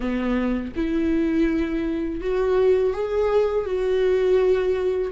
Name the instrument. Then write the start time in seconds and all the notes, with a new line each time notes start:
viola
0.00 B3
0.76 E4
2.21 F#4
2.93 G#4
3.66 F#4